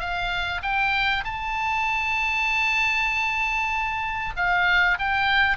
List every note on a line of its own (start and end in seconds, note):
0.00 0.62 F5
0.62 1.24 G5
1.24 4.34 A5
4.36 4.98 F5
4.99 5.57 G5